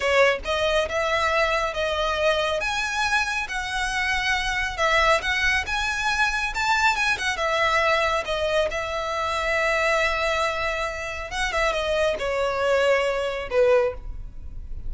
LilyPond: \new Staff \with { instrumentName = "violin" } { \time 4/4 \tempo 4 = 138 cis''4 dis''4 e''2 | dis''2 gis''2 | fis''2. e''4 | fis''4 gis''2 a''4 |
gis''8 fis''8 e''2 dis''4 | e''1~ | e''2 fis''8 e''8 dis''4 | cis''2. b'4 | }